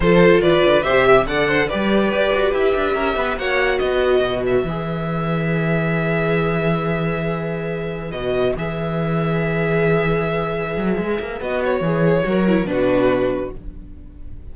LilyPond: <<
  \new Staff \with { instrumentName = "violin" } { \time 4/4 \tempo 4 = 142 c''4 d''4 e''4 fis''4 | d''2 e''2 | fis''4 dis''4. e''4.~ | e''1~ |
e''2.~ e''16 dis''8.~ | dis''16 e''2.~ e''8.~ | e''2. dis''8 cis''8~ | cis''2 b'2 | }
  \new Staff \with { instrumentName = "violin" } { \time 4/4 a'4 b'4 c''8 e''8 d''8 c''8 | b'2. ais'8 b'8 | cis''4 b'2.~ | b'1~ |
b'1~ | b'1~ | b'1~ | b'4 ais'4 fis'2 | }
  \new Staff \with { instrumentName = "viola" } { \time 4/4 f'2 g'4 a'4 | g'1 | fis'2. gis'4~ | gis'1~ |
gis'2.~ gis'16 fis'8.~ | fis'16 gis'2.~ gis'8.~ | gis'2. fis'4 | gis'4 fis'8 e'8 d'2 | }
  \new Staff \with { instrumentName = "cello" } { \time 4/4 f4 e8 d8 c4 d4 | g4 g'8 fis'8 e'8 d'8 cis'8 b8 | ais4 b4 b,4 e4~ | e1~ |
e2.~ e16 b,8.~ | b,16 e2.~ e8.~ | e4. fis8 gis8 ais8 b4 | e4 fis4 b,2 | }
>>